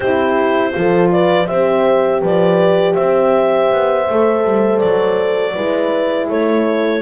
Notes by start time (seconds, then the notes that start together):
0.00 C4 E4 G4 C5
0.72 F3 F4 A4
1.11 B4 D5
1.47 C4 G4 C5 E5
2.21 F3 B4 D5
2.94 C4 C5 E5
3.71 B3
4.09 A3 A4
4.44 G3
4.78 F#3 D5
5.54 G#3 E4 B4
6.29 A3 A4 C#5